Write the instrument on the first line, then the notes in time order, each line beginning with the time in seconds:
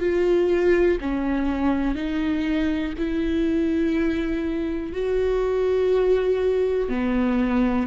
viola
0.00 F4
1.01 C#4
1.95 D#4
2.98 E4
4.93 F#4
6.89 B3